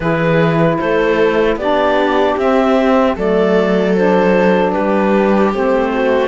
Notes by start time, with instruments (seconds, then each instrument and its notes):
0.00 cello E3, saxophone E4, viola G#4, clarinet B4
0.78 cello A3, viola A4, clarinet C5
1.56 cello B3, saxophone D4, viola G4, clarinet D5
2.37 cello C4, saxophone C4, clarinet E5
3.16 cello F#3, saxophone A3, viola A4, clarinet D5
3.95 saxophone D4, clarinet C5
4.71 cello G3, viola G4, clarinet B4
5.53 cello A3, saxophone C4, clarinet C5
5.93 viola F#4